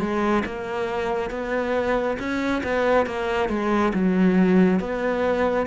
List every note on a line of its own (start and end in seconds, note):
0.00 0.43 G#3
0.46 1.31 A#3
1.31 2.18 B3
2.19 2.63 C#4
2.64 3.07 B3
3.07 3.50 A#3
3.50 3.93 G#3
3.94 4.80 F#3
4.80 5.67 B3